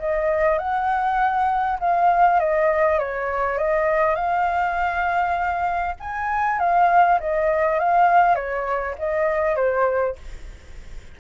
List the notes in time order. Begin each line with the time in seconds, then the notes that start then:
0.00 D#5
0.59 F#5
1.80 F5
2.40 D#5
2.99 C#5
3.59 D#5
4.16 F5
6.01 G#5
6.60 F5
7.20 D#5
7.79 F5
8.36 C#5
8.99 D#5
9.56 C5